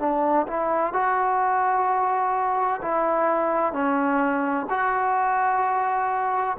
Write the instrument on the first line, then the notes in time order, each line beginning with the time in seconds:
trombone
0.00 D4
0.48 E4
0.94 F#4
2.82 E4
3.73 C#4
4.70 F#4